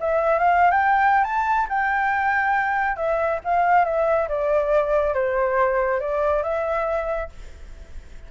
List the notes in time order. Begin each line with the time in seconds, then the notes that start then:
0.00 E5
0.39 F5
0.71 G5
1.24 A5
1.69 G5
2.96 E5
3.45 F5
3.85 E5
4.29 D5
5.14 C5
6.00 D5
6.43 E5